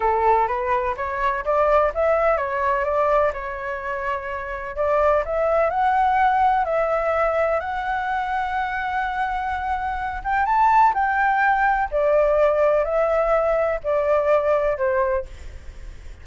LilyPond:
\new Staff \with { instrumentName = "flute" } { \time 4/4 \tempo 4 = 126 a'4 b'4 cis''4 d''4 | e''4 cis''4 d''4 cis''4~ | cis''2 d''4 e''4 | fis''2 e''2 |
fis''1~ | fis''4. g''8 a''4 g''4~ | g''4 d''2 e''4~ | e''4 d''2 c''4 | }